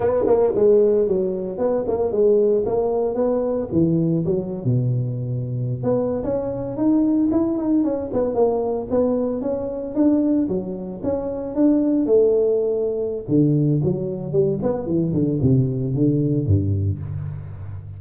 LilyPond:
\new Staff \with { instrumentName = "tuba" } { \time 4/4 \tempo 4 = 113 b8 ais8 gis4 fis4 b8 ais8 | gis4 ais4 b4 e4 | fis8. b,2~ b,16 b8. cis'16~ | cis'8. dis'4 e'8 dis'8 cis'8 b8 ais16~ |
ais8. b4 cis'4 d'4 fis16~ | fis8. cis'4 d'4 a4~ a16~ | a4 d4 fis4 g8 b8 | e8 d8 c4 d4 g,4 | }